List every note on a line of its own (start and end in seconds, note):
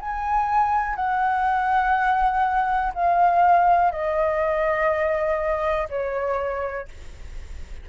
0.00 0.96 G#5
0.96 2.92 F#5
2.95 3.92 F5
3.92 5.88 D#5
5.90 6.88 C#5